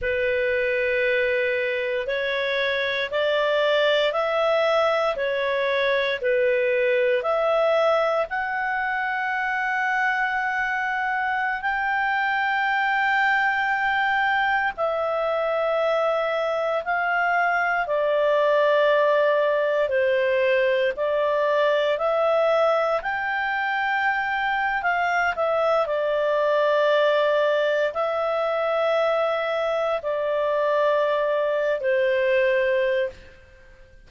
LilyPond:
\new Staff \with { instrumentName = "clarinet" } { \time 4/4 \tempo 4 = 58 b'2 cis''4 d''4 | e''4 cis''4 b'4 e''4 | fis''2.~ fis''16 g''8.~ | g''2~ g''16 e''4.~ e''16~ |
e''16 f''4 d''2 c''8.~ | c''16 d''4 e''4 g''4.~ g''16 | f''8 e''8 d''2 e''4~ | e''4 d''4.~ d''16 c''4~ c''16 | }